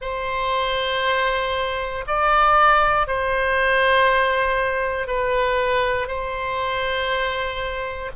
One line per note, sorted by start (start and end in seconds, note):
0.01 2.04 C5
2.07 3.07 D5
3.07 5.07 C5
5.07 6.07 B4
6.07 8.11 C5